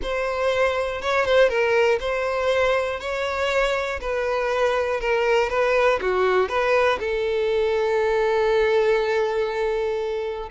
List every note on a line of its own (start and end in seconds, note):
0.02 1.01 C5
1.01 1.25 C#5
1.25 1.48 C5
1.48 1.98 A#4
2.00 3.00 C5
3.00 4.00 C#5
4.00 5.00 B4
5.00 5.49 A#4
5.49 5.99 B4
6.01 6.48 F#4
6.48 6.98 B4
6.99 10.49 A4